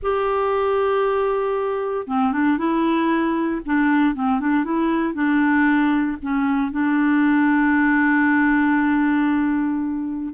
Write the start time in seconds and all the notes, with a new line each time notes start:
0.02 G4
2.07 C4
2.32 D4
2.57 E4
3.65 D4
4.14 C4
4.39 D4
4.64 E4
5.13 D4
6.21 C#4
6.71 D4